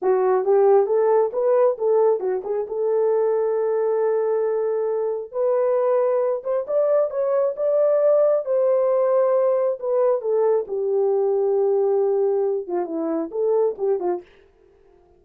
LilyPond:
\new Staff \with { instrumentName = "horn" } { \time 4/4 \tempo 4 = 135 fis'4 g'4 a'4 b'4 | a'4 fis'8 gis'8 a'2~ | a'1 | b'2~ b'8 c''8 d''4 |
cis''4 d''2 c''4~ | c''2 b'4 a'4 | g'1~ | g'8 f'8 e'4 a'4 g'8 f'8 | }